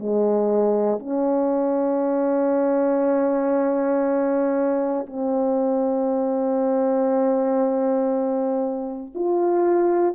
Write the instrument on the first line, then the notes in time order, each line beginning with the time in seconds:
horn
0.00 G#3
1.00 C#4
5.07 C4
9.15 F4